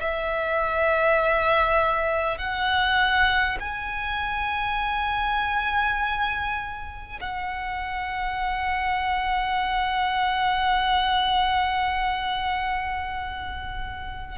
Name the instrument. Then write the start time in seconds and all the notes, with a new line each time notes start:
violin
0.00 E5
2.38 F#5
3.59 G#5
7.21 F#5